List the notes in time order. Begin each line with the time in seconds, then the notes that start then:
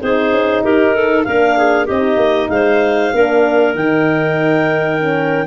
0.00 C4 D#4 G#4 C5
0.31 C#4
0.63 D#4 G4 A#4
0.95 A4
1.24 A#3 D4 A#4 F5
1.57 G#4
1.85 C4 D#4 G4 D#5
2.16 A#3
2.49 G#3 C5 F5
3.13 A#3 D4 A#4
3.75 D#3 D#4 G5
4.99 C#4